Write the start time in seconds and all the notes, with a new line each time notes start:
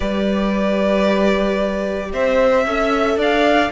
0.00 G3 G4 B4 D5
2.12 C4 C5 E5
2.65 C#4 A4 E5
3.16 D4 D5 F5